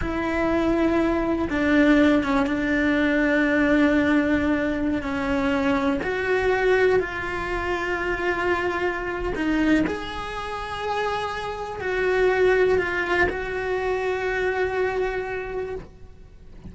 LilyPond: \new Staff \with { instrumentName = "cello" } { \time 4/4 \tempo 4 = 122 e'2. d'4~ | d'8 cis'8 d'2.~ | d'2~ d'16 cis'4.~ cis'16~ | cis'16 fis'2 f'4.~ f'16~ |
f'2. dis'4 | gis'1 | fis'2 f'4 fis'4~ | fis'1 | }